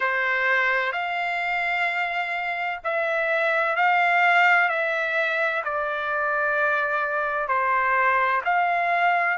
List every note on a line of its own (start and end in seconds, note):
0.00 0.92 C5
0.92 2.80 F5
2.84 3.75 E5
3.75 4.69 F5
4.69 5.62 E5
5.64 7.47 D5
7.47 8.41 C5
8.45 9.37 F5